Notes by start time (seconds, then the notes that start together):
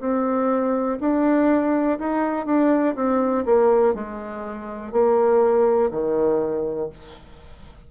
0.00 C4
1.00 D4
1.99 D#4
2.46 D4
2.96 C4
3.46 A#3
3.94 G#3
4.92 A#3
5.91 D#3